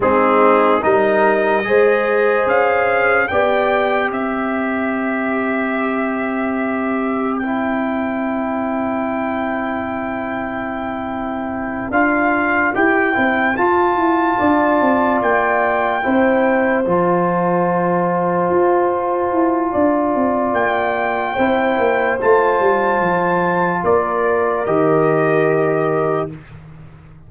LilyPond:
<<
  \new Staff \with { instrumentName = "trumpet" } { \time 4/4 \tempo 4 = 73 gis'4 dis''2 f''4 | g''4 e''2.~ | e''4 g''2.~ | g''2~ g''8 f''4 g''8~ |
g''8 a''2 g''4.~ | g''8 a''2.~ a''8~ | a''4 g''2 a''4~ | a''4 d''4 dis''2 | }
  \new Staff \with { instrumentName = "horn" } { \time 4/4 dis'4 ais'4 c''2 | d''4 c''2.~ | c''1~ | c''1~ |
c''4. d''2 c''8~ | c''1 | d''2 c''2~ | c''4 ais'2. | }
  \new Staff \with { instrumentName = "trombone" } { \time 4/4 c'4 dis'4 gis'2 | g'1~ | g'4 e'2.~ | e'2~ e'8 f'4 g'8 |
e'8 f'2. e'8~ | e'8 f'2.~ f'8~ | f'2 e'4 f'4~ | f'2 g'2 | }
  \new Staff \with { instrumentName = "tuba" } { \time 4/4 gis4 g4 gis4 cis'4 | b4 c'2.~ | c'1~ | c'2~ c'8 d'4 e'8 |
c'8 f'8 e'8 d'8 c'8 ais4 c'8~ | c'8 f2 f'4 e'8 | d'8 c'8 ais4 c'8 ais8 a8 g8 | f4 ais4 dis2 | }
>>